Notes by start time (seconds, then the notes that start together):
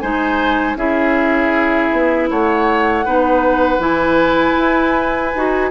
0.00 G#3 D#4 C5 G#5
0.76 C#4 E4 G#4 E5
1.92 B3
2.30 A3 C#5 F#5
3.06 B3 D#4 B4
3.79 E3 E4 G#5
4.58 E4
5.35 D#4 F#4